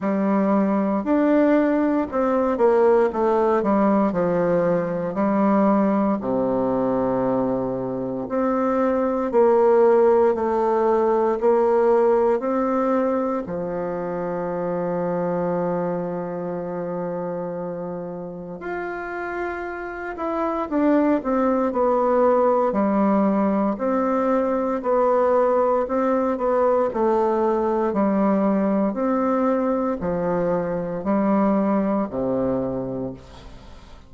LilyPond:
\new Staff \with { instrumentName = "bassoon" } { \time 4/4 \tempo 4 = 58 g4 d'4 c'8 ais8 a8 g8 | f4 g4 c2 | c'4 ais4 a4 ais4 | c'4 f2.~ |
f2 f'4. e'8 | d'8 c'8 b4 g4 c'4 | b4 c'8 b8 a4 g4 | c'4 f4 g4 c4 | }